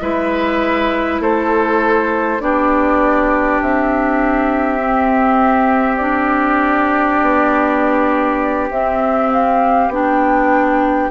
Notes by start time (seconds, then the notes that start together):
0.00 G#3 E4 B4 E5
1.19 A3 A4 C5
2.40 B3 D4 G4 D5
3.60 C4 E5
4.79 C4
5.96 D4 D5
7.20 B3
8.69 C4 E5
9.32 F5
9.88 B3 D4 G5